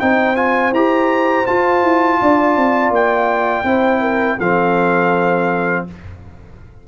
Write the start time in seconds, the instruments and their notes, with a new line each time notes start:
0.00 tuba C4, trombone D#4, horn C5, trumpet G5
0.36 trombone F4, trumpet G#5
0.72 tuba E4, trombone G4, trumpet A#5
1.47 trombone F4, tuba F4, trumpet A5
1.83 tuba E4
2.21 tuba D4, horn D5
2.57 tuba C4
2.90 tuba A#3, trumpet G5
3.64 tuba C4, trombone E4, horn C5
4.01 horn A#4
4.39 tuba F3, trombone C4, horn A4, trumpet F5